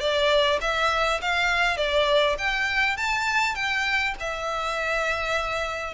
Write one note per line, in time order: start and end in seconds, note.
0.00 0.59 D5
0.61 1.20 E5
1.22 1.77 F5
1.77 2.36 D5
2.38 2.97 G5
2.97 3.55 A5
3.55 4.14 G5
4.20 5.94 E5